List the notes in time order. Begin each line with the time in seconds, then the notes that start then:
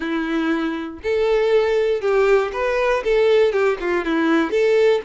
0.00 E4
1.03 A4
2.01 G4
2.52 B4
3.03 A4
3.52 G4
3.80 F4
4.04 E4
4.50 A4